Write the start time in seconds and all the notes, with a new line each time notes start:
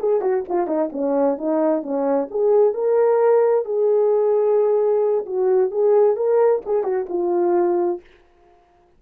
0.00 G#4
0.21 F#4
0.49 F4
0.67 D#4
0.93 C#4
1.38 D#4
1.83 C#4
2.31 G#4
2.74 A#4
3.65 G#4
5.26 F#4
5.71 G#4
6.16 A#4
6.66 G#4
6.84 F#4
7.09 F4